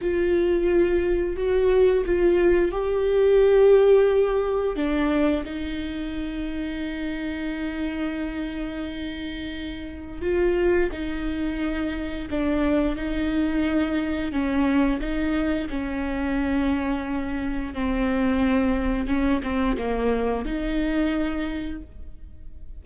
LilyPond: \new Staff \with { instrumentName = "viola" } { \time 4/4 \tempo 4 = 88 f'2 fis'4 f'4 | g'2. d'4 | dis'1~ | dis'2. f'4 |
dis'2 d'4 dis'4~ | dis'4 cis'4 dis'4 cis'4~ | cis'2 c'2 | cis'8 c'8 ais4 dis'2 | }